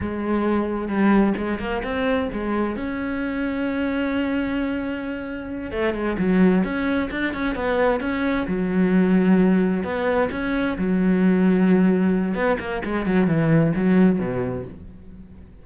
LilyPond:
\new Staff \with { instrumentName = "cello" } { \time 4/4 \tempo 4 = 131 gis2 g4 gis8 ais8 | c'4 gis4 cis'2~ | cis'1~ | cis'8 a8 gis8 fis4 cis'4 d'8 |
cis'8 b4 cis'4 fis4.~ | fis4. b4 cis'4 fis8~ | fis2. b8 ais8 | gis8 fis8 e4 fis4 b,4 | }